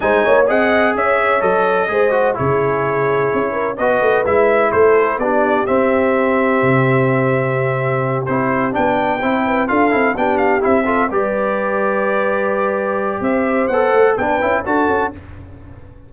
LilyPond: <<
  \new Staff \with { instrumentName = "trumpet" } { \time 4/4 \tempo 4 = 127 gis''4 fis''4 e''4 dis''4~ | dis''4 cis''2. | dis''4 e''4 c''4 d''4 | e''1~ |
e''4. c''4 g''4.~ | g''8 f''4 g''8 f''8 e''4 d''8~ | d''1 | e''4 fis''4 g''4 a''4 | }
  \new Staff \with { instrumentName = "horn" } { \time 4/4 c''8 cis''8 dis''4 cis''2 | c''4 gis'2~ gis'8 ais'8 | b'2 a'4 g'4~ | g'1~ |
g'2.~ g'8 c''8 | b'8 a'4 g'4. a'8 b'8~ | b'1 | c''2 b'4 a'4 | }
  \new Staff \with { instrumentName = "trombone" } { \time 4/4 dis'4 gis'2 a'4 | gis'8 fis'8 e'2. | fis'4 e'2 d'4 | c'1~ |
c'4. e'4 d'4 e'8~ | e'8 f'8 e'8 d'4 e'8 f'8 g'8~ | g'1~ | g'4 a'4 d'8 e'8 fis'4 | }
  \new Staff \with { instrumentName = "tuba" } { \time 4/4 gis8 ais8 c'4 cis'4 fis4 | gis4 cis2 cis'4 | b8 a8 gis4 a4 b4 | c'2 c2~ |
c4. c'4 b4 c'8~ | c'8 d'8 c'8 b4 c'4 g8~ | g1 | c'4 b8 a8 b8 cis'8 d'8 cis'8 | }
>>